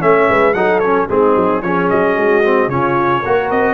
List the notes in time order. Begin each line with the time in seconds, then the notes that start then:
0.00 A3 C#4 C#5 E5
0.29 G#3 B4
0.54 F#3 D#4 A4 F#5
0.80 C#4 C#5
1.09 G#3 C4 D#4 G#4
1.36 F#3
1.62 F3 C#4 G#4 C#5
1.90 F#3 D#5
2.16 G#3 F#4
2.44 C4
2.68 C#3 C#4 F4 C#5
3.22 A#3 F#4 A#4
3.50 C4 D#5